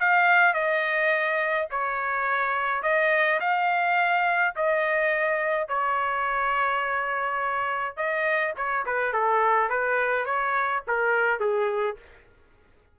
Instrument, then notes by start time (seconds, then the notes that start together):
trumpet
0.00 F5
0.54 D#5
1.71 C#5
2.83 D#5
3.41 F5
4.56 D#5
5.68 C#5
7.97 D#5
8.57 C#5
8.86 B4
9.13 A4
9.70 B4
10.26 C#5
10.88 A#4
11.40 G#4